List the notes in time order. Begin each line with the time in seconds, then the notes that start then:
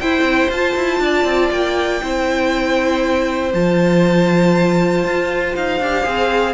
0.00 E4 C5 G5
0.21 C4
0.50 F4 A5
0.76 E4
1.00 D4 D5
1.25 C4
1.51 A#3 G5
2.01 C4 E4 C5
3.54 F3 F4 A5
5.05 F4
5.56 D#4 F5
5.80 D4 G4
6.03 C4 G#4